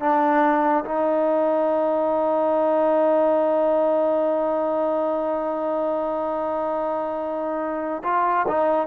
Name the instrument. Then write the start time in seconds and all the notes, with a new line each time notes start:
trombone
0.00 D4
0.85 D#4
8.04 F4
8.49 D#4